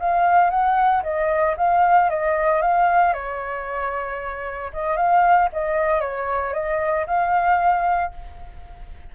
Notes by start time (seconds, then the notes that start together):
0.00 F5
0.50 F#5
1.03 D#5
1.57 F5
2.10 D#5
2.62 F5
3.14 C#5
4.73 D#5
4.97 F5
5.53 D#5
6.01 C#5
6.54 D#5
7.07 F5